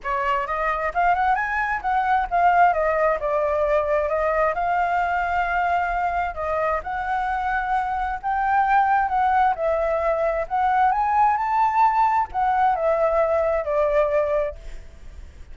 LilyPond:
\new Staff \with { instrumentName = "flute" } { \time 4/4 \tempo 4 = 132 cis''4 dis''4 f''8 fis''8 gis''4 | fis''4 f''4 dis''4 d''4~ | d''4 dis''4 f''2~ | f''2 dis''4 fis''4~ |
fis''2 g''2 | fis''4 e''2 fis''4 | gis''4 a''2 fis''4 | e''2 d''2 | }